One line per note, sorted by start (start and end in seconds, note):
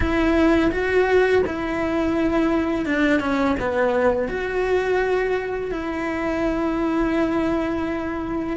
0.00 0.70 E4
0.71 1.43 F#4
1.46 2.85 E4
2.85 3.19 D4
3.19 3.55 C#4
3.59 4.28 B3
4.28 5.71 F#4
5.71 8.56 E4